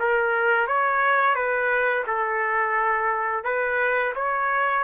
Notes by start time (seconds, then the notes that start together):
0.00 A#4
0.67 C#5
1.35 B4
2.07 A4
3.45 B4
4.16 C#5